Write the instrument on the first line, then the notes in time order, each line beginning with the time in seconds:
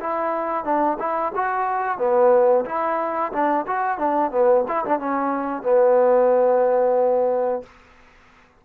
trombone
0.00 E4
0.64 D4
0.99 E4
1.35 F#4
1.98 B3
2.65 E4
3.32 D4
3.67 F#4
3.98 D4
4.31 B3
4.68 E4
4.85 D4
4.99 C#4
5.63 B3